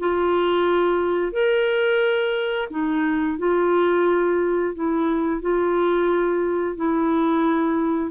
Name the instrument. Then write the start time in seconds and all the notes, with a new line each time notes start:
clarinet
0.00 F4
1.32 A#4
2.71 D#4
3.38 F4
4.75 E4
5.42 F4
6.77 E4